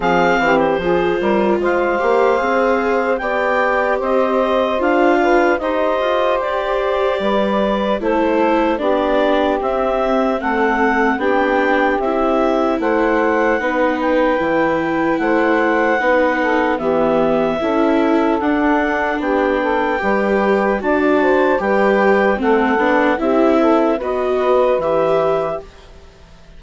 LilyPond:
<<
  \new Staff \with { instrumentName = "clarinet" } { \time 4/4 \tempo 4 = 75 f''8. c''4~ c''16 f''2 | g''4 dis''4 f''4 dis''4 | d''2 c''4 d''4 | e''4 fis''4 g''4 e''4 |
fis''4. g''4. fis''4~ | fis''4 e''2 fis''4 | g''2 a''4 g''4 | fis''4 e''4 dis''4 e''4 | }
  \new Staff \with { instrumentName = "saxophone" } { \time 4/4 gis'8 g'8 gis'8 ais'8 c''2 | d''4 c''4. b'8 c''4~ | c''4 b'4 a'4 g'4~ | g'4 a'4 g'2 |
c''4 b'2 c''4 | b'8 a'8 g'4 a'2 | g'8 a'8 b'4 d''8 c''8 b'4 | a'4 g'8 a'8 b'2 | }
  \new Staff \with { instrumentName = "viola" } { \time 4/4 c'4 f'4. g'8 gis'4 | g'2 f'4 g'4~ | g'2 e'4 d'4 | c'2 d'4 e'4~ |
e'4 dis'4 e'2 | dis'4 b4 e'4 d'4~ | d'4 g'4 fis'4 g'4 | c'8 d'8 e'4 fis'4 g'4 | }
  \new Staff \with { instrumentName = "bassoon" } { \time 4/4 f8 e8 f8 g8 gis8 ais8 c'4 | b4 c'4 d'4 dis'8 f'8 | g'4 g4 a4 b4 | c'4 a4 b4 c'4 |
a4 b4 e4 a4 | b4 e4 cis'4 d'4 | b4 g4 d'4 g4 | a8 b8 c'4 b4 e4 | }
>>